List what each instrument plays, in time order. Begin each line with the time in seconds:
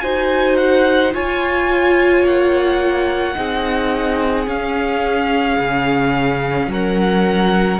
0.00 cello D#4, viola F#4, violin C5 G#5
0.57 violin F#5
1.12 viola F4, cello F4, violin C#5 G#5
2.23 cello A#3, violin F#5
3.34 cello C4, viola D#4, violin G#4
4.47 viola C#4, cello C#4, violin F5
5.59 cello C#3
6.67 cello F#3, violin A#4
6.73 violin F#5